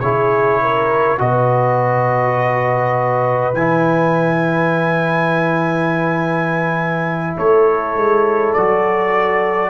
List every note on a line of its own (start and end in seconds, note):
0.00 1.20 C#3
0.00 1.18 E4
0.00 0.61 G#4
0.00 1.18 C#5
0.61 1.20 A#4
1.18 3.53 B2
1.18 3.53 F#4
1.18 7.37 B4
1.18 3.54 D#5
3.53 7.36 E3
3.53 8.57 E4
3.53 7.37 G#5
7.37 7.95 A3
7.37 9.70 A4
7.37 8.53 C#5
7.95 8.54 G#3
8.53 9.70 F#3
8.53 9.70 F#4
8.53 9.70 D5